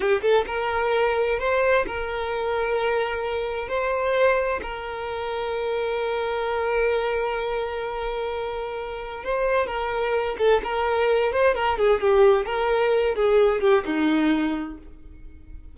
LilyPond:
\new Staff \with { instrumentName = "violin" } { \time 4/4 \tempo 4 = 130 g'8 a'8 ais'2 c''4 | ais'1 | c''2 ais'2~ | ais'1~ |
ais'1 | c''4 ais'4. a'8 ais'4~ | ais'8 c''8 ais'8 gis'8 g'4 ais'4~ | ais'8 gis'4 g'8 dis'2 | }